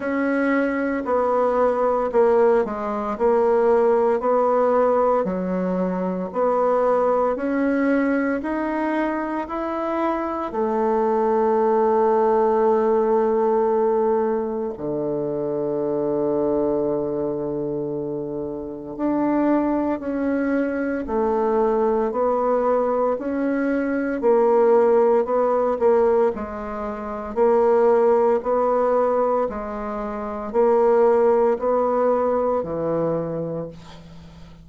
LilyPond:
\new Staff \with { instrumentName = "bassoon" } { \time 4/4 \tempo 4 = 57 cis'4 b4 ais8 gis8 ais4 | b4 fis4 b4 cis'4 | dis'4 e'4 a2~ | a2 d2~ |
d2 d'4 cis'4 | a4 b4 cis'4 ais4 | b8 ais8 gis4 ais4 b4 | gis4 ais4 b4 e4 | }